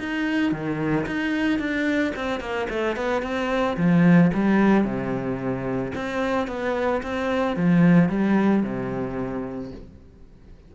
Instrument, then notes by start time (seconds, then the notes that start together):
cello
0.00 D#4
0.52 D#3
1.07 D#4
1.59 D4
2.16 C4
2.41 A#3
2.70 A3
2.97 B3
3.23 C4
3.77 F3
4.34 G3
4.85 C3
5.95 C4
6.48 B3
7.03 C4
7.57 F3
8.09 G3
8.63 C3